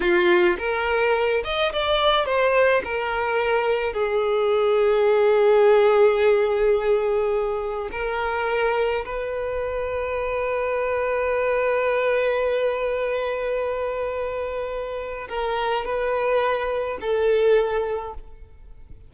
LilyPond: \new Staff \with { instrumentName = "violin" } { \time 4/4 \tempo 4 = 106 f'4 ais'4. dis''8 d''4 | c''4 ais'2 gis'4~ | gis'1~ | gis'2 ais'2 |
b'1~ | b'1~ | b'2. ais'4 | b'2 a'2 | }